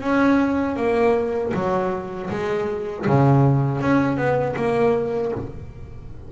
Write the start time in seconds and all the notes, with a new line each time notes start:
0.00 C#4
0.76 A#3
1.53 F#3
2.30 G#3
3.07 C#3
3.81 C#4
4.17 B3
4.56 A#3